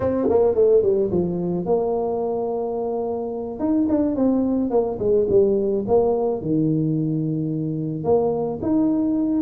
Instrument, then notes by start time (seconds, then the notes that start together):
tuba
0.00 C4
0.29 A#3
0.55 A3
0.82 G3
1.11 F3
1.65 A#3
3.59 D#4
3.88 D4
4.15 C4
4.70 A#3
4.99 G#3
5.29 G3
5.87 A#3
6.41 D#3
8.04 A#3
8.61 D#4